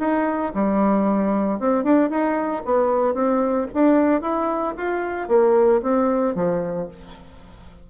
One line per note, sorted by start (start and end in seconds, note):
0.00 0.53 D#4
0.55 1.60 G3
1.60 1.84 C4
1.84 2.10 D4
2.10 2.63 D#4
2.65 3.15 B3
3.15 3.68 C4
3.74 4.22 D4
4.22 4.75 E4
4.78 5.29 F4
5.29 5.82 A#3
5.83 6.35 C4
6.35 6.89 F3